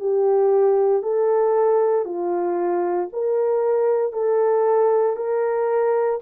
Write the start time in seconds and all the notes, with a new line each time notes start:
0.00 G4
1.03 A4
2.05 F4
3.13 A#4
4.13 A4
5.16 A#4